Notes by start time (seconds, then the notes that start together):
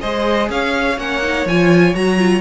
0.00 G#3 G#4 C5 D#5
0.49 C#4 C#5 F5
0.97 A#3 C#4 F#5
1.22 D#4
1.45 F3 F4 G#5
1.94 F#3 F#4 A#5
2.17 F4